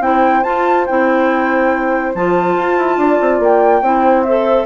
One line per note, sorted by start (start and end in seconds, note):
0.00 0.42 C4
0.00 0.43 E4
0.00 2.99 C5
0.00 0.43 G5
0.43 0.86 F4
0.43 0.87 F4
0.43 0.85 A5
0.86 2.14 C4
0.86 2.15 E4
0.86 2.13 G5
2.14 2.56 F3
2.14 3.83 F4
2.14 3.41 A5
2.56 2.77 F4
2.77 2.97 E4
2.97 3.18 D4
2.97 3.82 D5
3.21 3.39 C4
3.39 3.81 A#3
3.39 4.23 G5
3.81 4.66 C4
3.81 4.25 E4
3.81 4.66 C5
4.23 4.66 A4
4.23 4.65 E5